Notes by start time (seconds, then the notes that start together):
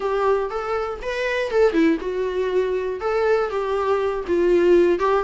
0.00 G4
0.50 A4
1.02 B4
1.50 A4
1.72 E4
2.00 F#4
3.00 A4
3.50 G4
4.27 F4
4.99 G4